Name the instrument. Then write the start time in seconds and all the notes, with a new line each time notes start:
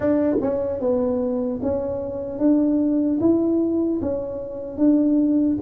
tuba
0.00 D4
0.41 C#4
0.80 B3
1.62 C#4
2.39 D4
3.20 E4
4.01 C#4
4.77 D4